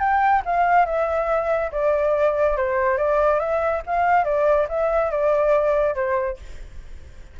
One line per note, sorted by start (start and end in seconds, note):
0.00 0.43 G5
0.46 0.86 F5
0.86 1.71 E5
1.72 2.57 D5
2.57 2.98 C5
2.98 3.40 D5
3.40 3.82 E5
3.87 4.25 F5
4.25 4.68 D5
4.69 5.11 E5
5.11 5.95 D5
5.95 6.38 C5